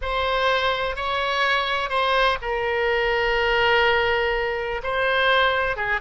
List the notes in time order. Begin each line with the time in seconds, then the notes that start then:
0.01 C5
0.96 C#5
1.89 C5
2.41 A#4
4.83 C5
5.76 G#4